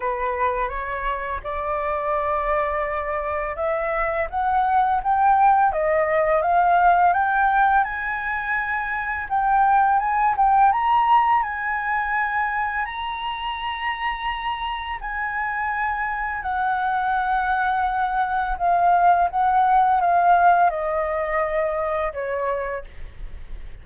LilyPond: \new Staff \with { instrumentName = "flute" } { \time 4/4 \tempo 4 = 84 b'4 cis''4 d''2~ | d''4 e''4 fis''4 g''4 | dis''4 f''4 g''4 gis''4~ | gis''4 g''4 gis''8 g''8 ais''4 |
gis''2 ais''2~ | ais''4 gis''2 fis''4~ | fis''2 f''4 fis''4 | f''4 dis''2 cis''4 | }